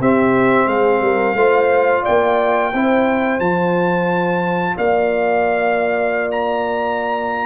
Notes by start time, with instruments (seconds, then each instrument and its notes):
0.00 tuba C4, trombone C4, horn G4, trumpet E5
0.67 tuba G#3, horn G#4, trumpet F5
1.01 tuba G3, horn A#4
1.35 tuba A3, trombone F4, horn C5
2.03 tuba A#3, horn D5, trumpet G5
2.74 tuba C4, trombone E4, horn C5
3.40 tuba F3, trombone F4, trumpet A5
4.77 tuba A#3, horn D5, trumpet F5
6.32 trumpet A#5